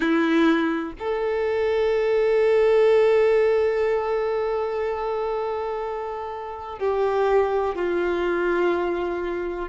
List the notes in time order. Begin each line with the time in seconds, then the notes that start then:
0.00 E4
0.99 A4
6.78 G4
7.75 F4